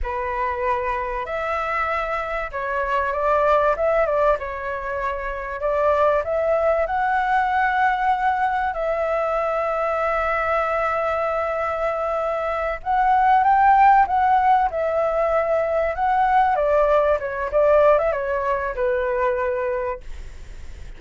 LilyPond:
\new Staff \with { instrumentName = "flute" } { \time 4/4 \tempo 4 = 96 b'2 e''2 | cis''4 d''4 e''8 d''8 cis''4~ | cis''4 d''4 e''4 fis''4~ | fis''2 e''2~ |
e''1~ | e''8 fis''4 g''4 fis''4 e''8~ | e''4. fis''4 d''4 cis''8 | d''8. e''16 cis''4 b'2 | }